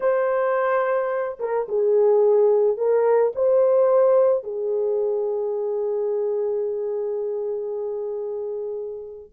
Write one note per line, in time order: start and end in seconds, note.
0.00 1.38 C5
1.39 1.67 A#4
1.68 2.77 G#4
2.77 3.32 A#4
3.35 4.43 C5
4.43 9.29 G#4